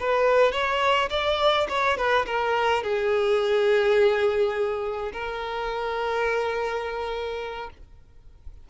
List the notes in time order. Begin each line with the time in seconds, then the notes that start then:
0.00 B4
0.52 C#5
1.10 D5
1.69 C#5
1.97 B4
2.26 A#4
2.83 G#4
5.13 A#4